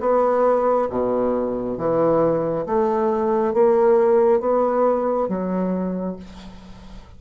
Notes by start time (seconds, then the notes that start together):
0.00 B3
0.90 B2
1.78 E3
2.66 A3
3.54 A#3
4.40 B3
5.28 F#3